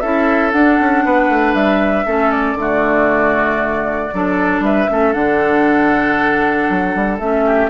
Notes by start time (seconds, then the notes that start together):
0.00 C#4 E4 A4 E5
0.52 D4 F#5
0.80 C#4
1.05 B3 B4
1.29 A3
1.54 G3 E5
2.06 A3 C#4 A4
2.31 D5
2.55 D3 A3
2.61 F#4
4.14 F#3 D4 A4
4.60 G3 B4 E5
4.89 A3 C#4 A4
5.13 D3 D4 F#5
6.70 F#3
6.95 G3
7.19 A3 C#4 E5
7.46 G4